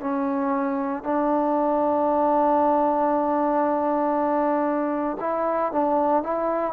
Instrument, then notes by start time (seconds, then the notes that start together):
trombone
0.00 C#4
1.03 D4
5.20 E4
5.72 D4
6.23 E4